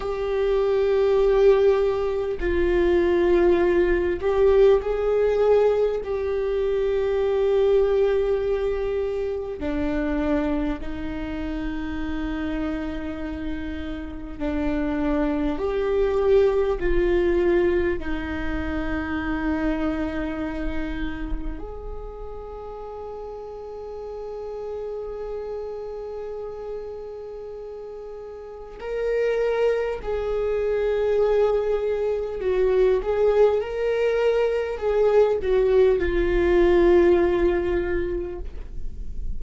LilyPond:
\new Staff \with { instrumentName = "viola" } { \time 4/4 \tempo 4 = 50 g'2 f'4. g'8 | gis'4 g'2. | d'4 dis'2. | d'4 g'4 f'4 dis'4~ |
dis'2 gis'2~ | gis'1 | ais'4 gis'2 fis'8 gis'8 | ais'4 gis'8 fis'8 f'2 | }